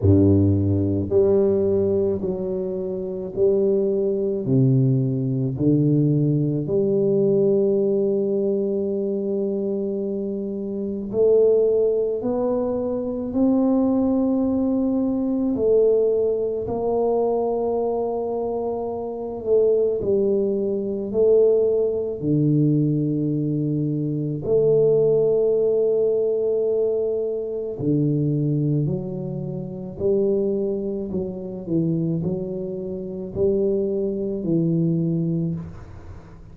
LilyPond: \new Staff \with { instrumentName = "tuba" } { \time 4/4 \tempo 4 = 54 g,4 g4 fis4 g4 | c4 d4 g2~ | g2 a4 b4 | c'2 a4 ais4~ |
ais4. a8 g4 a4 | d2 a2~ | a4 d4 fis4 g4 | fis8 e8 fis4 g4 e4 | }